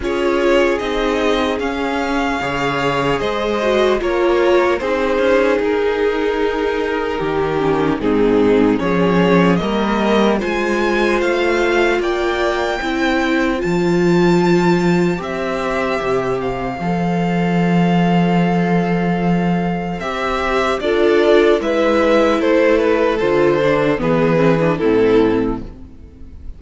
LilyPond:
<<
  \new Staff \with { instrumentName = "violin" } { \time 4/4 \tempo 4 = 75 cis''4 dis''4 f''2 | dis''4 cis''4 c''4 ais'4~ | ais'2 gis'4 cis''4 | dis''4 gis''4 f''4 g''4~ |
g''4 a''2 e''4~ | e''8 f''2.~ f''8~ | f''4 e''4 d''4 e''4 | c''8 b'8 c''4 b'4 a'4 | }
  \new Staff \with { instrumentName = "violin" } { \time 4/4 gis'2. cis''4 | c''4 ais'4 gis'2~ | gis'4 g'4 dis'4 gis'4 | ais'4 c''2 d''4 |
c''1~ | c''1~ | c''2 a'4 b'4 | a'2 gis'4 e'4 | }
  \new Staff \with { instrumentName = "viola" } { \time 4/4 f'4 dis'4 cis'4 gis'4~ | gis'8 fis'8 f'4 dis'2~ | dis'4. cis'8 c'4 cis'4 | ais4 f'2. |
e'4 f'2 g'4~ | g'4 a'2.~ | a'4 g'4 f'4 e'4~ | e'4 f'8 d'8 b8 c'16 d'16 c'4 | }
  \new Staff \with { instrumentName = "cello" } { \time 4/4 cis'4 c'4 cis'4 cis4 | gis4 ais4 c'8 cis'8 dis'4~ | dis'4 dis4 gis,4 f4 | g4 gis4 a4 ais4 |
c'4 f2 c'4 | c4 f2.~ | f4 c'4 d'4 gis4 | a4 d4 e4 a,4 | }
>>